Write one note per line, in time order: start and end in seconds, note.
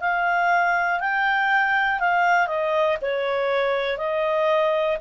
0.00 1.00 F5
1.00 2.00 G5
2.00 2.47 F5
2.47 2.97 D#5
3.01 3.98 C#5
3.98 4.98 D#5